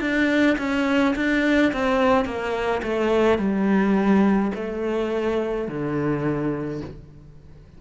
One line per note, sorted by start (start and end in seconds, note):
0.00 0.57 D4
0.58 1.14 C#4
1.15 1.72 D4
1.72 2.25 C4
2.25 2.81 A#3
2.83 3.38 A3
3.38 4.51 G3
4.55 5.68 A3
5.68 6.81 D3